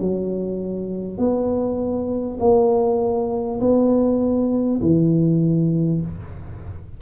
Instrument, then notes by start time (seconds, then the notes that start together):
tuba
0.00 F#3
1.18 B3
2.39 A#3
3.61 B3
4.82 E3